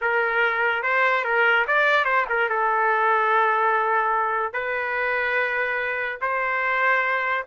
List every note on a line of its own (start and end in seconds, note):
0.01 0.83 A#4
0.83 1.24 C5
1.24 1.65 A#4
1.67 2.05 D5
2.05 2.25 C5
2.29 2.49 A#4
2.49 4.53 A4
4.53 6.18 B4
6.21 7.45 C5